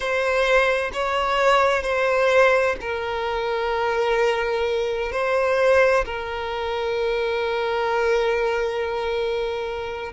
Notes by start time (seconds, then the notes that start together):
0.00 C5
0.93 C#5
1.83 C5
2.80 A#4
5.12 C5
6.05 A#4